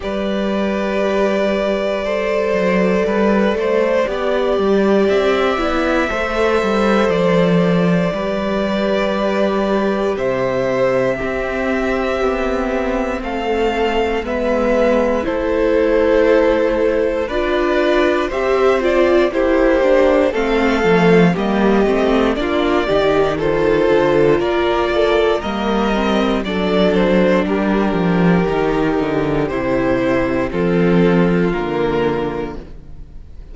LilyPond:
<<
  \new Staff \with { instrumentName = "violin" } { \time 4/4 \tempo 4 = 59 d''1~ | d''4 e''2 d''4~ | d''2 e''2~ | e''4 f''4 e''4 c''4~ |
c''4 d''4 e''8 d''8 c''4 | f''4 dis''4 d''4 c''4 | d''4 dis''4 d''8 c''8 ais'4~ | ais'4 c''4 a'4 ais'4 | }
  \new Staff \with { instrumentName = "violin" } { \time 4/4 b'2 c''4 b'8 c''8 | d''2 c''2 | b'2 c''4 g'4~ | g'4 a'4 b'4 a'4~ |
a'4 b'4 c''4 g'4 | a'4 g'4 f'8 g'8 a'4 | ais'8 a'8 ais'4 a'4 g'4~ | g'2 f'2 | }
  \new Staff \with { instrumentName = "viola" } { \time 4/4 g'2 a'2 | g'4. e'8 a'2 | g'2. c'4~ | c'2 b4 e'4~ |
e'4 f'4 g'8 f'8 e'8 d'8 | c'8 a8 ais8 c'8 d'8 dis'8 f'4~ | f'4 ais8 c'8 d'2 | dis'4 e'4 c'4 ais4 | }
  \new Staff \with { instrumentName = "cello" } { \time 4/4 g2~ g8 fis8 g8 a8 | b8 g8 c'8 b8 a8 g8 f4 | g2 c4 c'4 | b4 a4 gis4 a4~ |
a4 d'4 c'4 ais4 | a8 f8 g8 a8 ais8 dis4 d8 | ais4 g4 fis4 g8 f8 | dis8 d8 c4 f4 d4 | }
>>